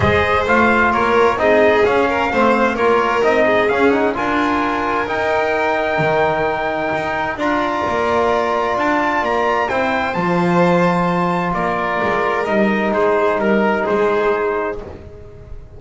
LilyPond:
<<
  \new Staff \with { instrumentName = "trumpet" } { \time 4/4 \tempo 4 = 130 dis''4 f''4 cis''4 dis''4 | f''2 cis''4 dis''4 | f''8 fis''8 gis''2 g''4~ | g''1 |
ais''2. a''4 | ais''4 g''4 a''2~ | a''4 d''2 dis''4 | c''4 ais'4 c''2 | }
  \new Staff \with { instrumentName = "violin" } { \time 4/4 c''2 ais'4 gis'4~ | gis'8 ais'8 c''4 ais'4. gis'8~ | gis'4 ais'2.~ | ais'1 |
d''1~ | d''4 c''2.~ | c''4 ais'2. | gis'4 ais'4 gis'2 | }
  \new Staff \with { instrumentName = "trombone" } { \time 4/4 gis'4 f'2 dis'4 | cis'4 c'4 f'4 dis'4 | cis'8 dis'8 f'2 dis'4~ | dis'1 |
f'1~ | f'4 e'4 f'2~ | f'2. dis'4~ | dis'1 | }
  \new Staff \with { instrumentName = "double bass" } { \time 4/4 gis4 a4 ais4 c'4 | cis'4 a4 ais4 c'4 | cis'4 d'2 dis'4~ | dis'4 dis2 dis'4 |
d'4 ais2 d'4 | ais4 c'4 f2~ | f4 ais4 gis4 g4 | gis4 g4 gis2 | }
>>